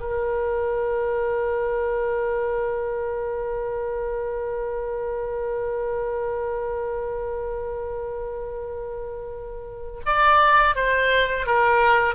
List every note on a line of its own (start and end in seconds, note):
0.00 10.00 A#4
10.06 10.75 D5
10.75 11.46 C5
11.46 12.15 A#4